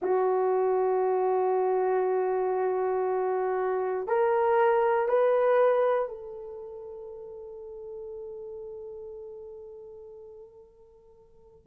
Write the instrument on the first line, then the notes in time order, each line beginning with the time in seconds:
horn
0.01 F#4
4.07 A#4
5.08 B4
6.08 A4